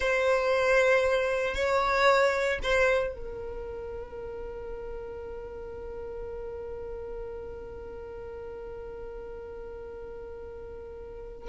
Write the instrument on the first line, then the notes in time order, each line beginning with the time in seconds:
violin
0.00 C5
1.55 C#5
2.62 C5
3.13 A#4